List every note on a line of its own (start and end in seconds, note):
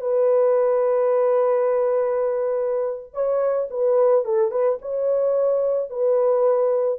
0.00 3.13 B4
3.13 3.68 C#5
3.70 4.24 B4
4.24 4.51 A4
4.51 4.78 B4
4.81 5.90 C#5
5.90 6.99 B4